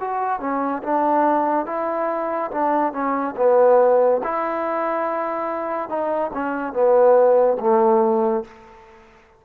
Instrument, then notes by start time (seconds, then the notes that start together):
trombone
0.00 F#4
0.40 C#4
0.83 D4
1.66 E4
2.51 D4
2.93 C#4
3.36 B3
4.23 E4
5.89 D#4
6.33 C#4
6.73 B3
7.60 A3